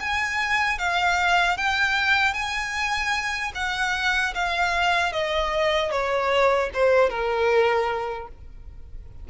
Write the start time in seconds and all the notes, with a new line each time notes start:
0.00 G#5
0.79 F5
1.57 G5
2.33 G#5
3.55 F#5
4.34 F5
5.12 D#5
5.91 C#5
6.73 C5
7.09 A#4